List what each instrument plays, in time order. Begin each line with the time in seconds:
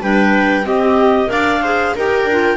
0.00 double bass G3, clarinet D4 G5, viola B4
0.64 clarinet C4 D#5, double bass C4, viola G4
1.26 double bass D4, clarinet A#4 F5, viola D5
1.62 clarinet G#4, viola C5
1.95 double bass D#4, clarinet G4 G5, viola A#4
2.24 double bass D4
2.31 clarinet F4